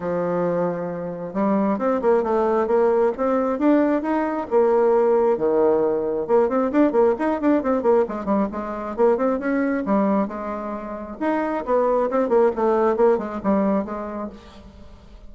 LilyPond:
\new Staff \with { instrumentName = "bassoon" } { \time 4/4 \tempo 4 = 134 f2. g4 | c'8 ais8 a4 ais4 c'4 | d'4 dis'4 ais2 | dis2 ais8 c'8 d'8 ais8 |
dis'8 d'8 c'8 ais8 gis8 g8 gis4 | ais8 c'8 cis'4 g4 gis4~ | gis4 dis'4 b4 c'8 ais8 | a4 ais8 gis8 g4 gis4 | }